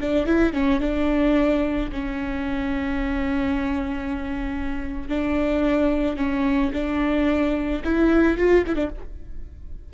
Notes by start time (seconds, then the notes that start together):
0.00 D4
0.26 E4
0.53 C#4
0.80 D4
1.92 C#4
5.08 D4
6.17 C#4
6.73 D4
7.84 E4
8.37 F4
8.66 E4
8.75 D4